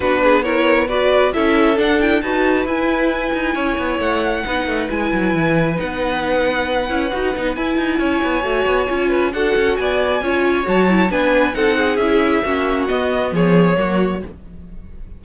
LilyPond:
<<
  \new Staff \with { instrumentName = "violin" } { \time 4/4 \tempo 4 = 135 b'4 cis''4 d''4 e''4 | fis''8 g''8 a''4 gis''2~ | gis''4 fis''2 gis''4~ | gis''4 fis''2.~ |
fis''4 gis''2.~ | gis''4 fis''4 gis''2 | a''4 gis''4 fis''4 e''4~ | e''4 dis''4 cis''2 | }
  \new Staff \with { instrumentName = "violin" } { \time 4/4 fis'8 gis'8 ais'4 b'4 a'4~ | a'4 b'2. | cis''2 b'2~ | b'1~ |
b'2 cis''2~ | cis''8 b'8 a'4 d''4 cis''4~ | cis''4 b'4 a'8 gis'4. | fis'2 gis'4 fis'4 | }
  \new Staff \with { instrumentName = "viola" } { \time 4/4 d'4 e'4 fis'4 e'4 | d'8 e'8 fis'4 e'2~ | e'2 dis'4 e'4~ | e'4 dis'2~ dis'8 e'8 |
fis'8 dis'8 e'2 fis'4 | f'4 fis'2 f'4 | fis'8 e'8 d'4 dis'4 e'4 | cis'4 b2 ais4 | }
  \new Staff \with { instrumentName = "cello" } { \time 4/4 b2. cis'4 | d'4 dis'4 e'4. dis'8 | cis'8 b8 a4 b8 a8 gis8 fis8 | e4 b2~ b8 cis'8 |
dis'8 b8 e'8 dis'8 cis'8 b8 a8 b8 | cis'4 d'8 cis'8 b4 cis'4 | fis4 b4 c'4 cis'4 | ais4 b4 f4 fis4 | }
>>